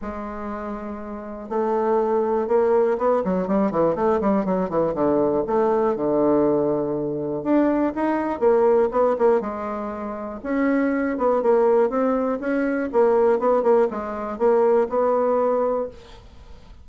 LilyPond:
\new Staff \with { instrumentName = "bassoon" } { \time 4/4 \tempo 4 = 121 gis2. a4~ | a4 ais4 b8 fis8 g8 e8 | a8 g8 fis8 e8 d4 a4 | d2. d'4 |
dis'4 ais4 b8 ais8 gis4~ | gis4 cis'4. b8 ais4 | c'4 cis'4 ais4 b8 ais8 | gis4 ais4 b2 | }